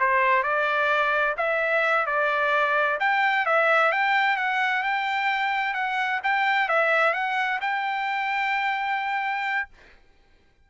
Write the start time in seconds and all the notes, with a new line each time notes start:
0.00 C5
0.43 D5
1.37 E5
2.06 D5
3.00 G5
3.46 E5
3.92 G5
4.37 F#5
4.83 G5
5.74 F#5
6.23 G5
6.69 E5
7.13 F#5
7.61 G5